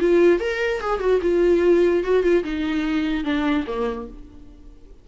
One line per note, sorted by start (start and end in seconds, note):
0.00 0.40 F4
0.40 0.81 A#4
0.81 1.00 G#4
1.00 1.20 F#4
1.22 2.04 F4
2.04 2.24 F#4
2.24 2.44 F4
2.44 3.25 D#4
3.25 3.66 D4
3.67 4.08 A#3